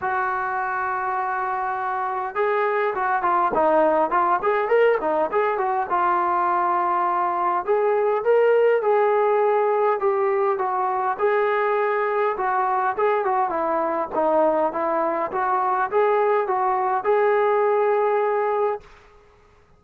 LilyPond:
\new Staff \with { instrumentName = "trombone" } { \time 4/4 \tempo 4 = 102 fis'1 | gis'4 fis'8 f'8 dis'4 f'8 gis'8 | ais'8 dis'8 gis'8 fis'8 f'2~ | f'4 gis'4 ais'4 gis'4~ |
gis'4 g'4 fis'4 gis'4~ | gis'4 fis'4 gis'8 fis'8 e'4 | dis'4 e'4 fis'4 gis'4 | fis'4 gis'2. | }